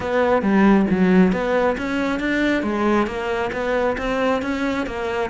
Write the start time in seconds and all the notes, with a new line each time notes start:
0.00 B3
0.42 G3
0.90 F#3
1.32 B3
1.77 C#4
2.19 D4
2.62 G#3
3.06 A#3
3.52 B3
3.97 C4
4.42 C#4
4.86 A#3